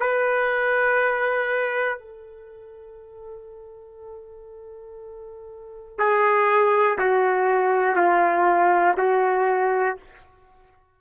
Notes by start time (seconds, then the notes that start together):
0.00 B4
1.99 A4
5.98 G#4
6.98 F#4
7.95 F4
8.97 F#4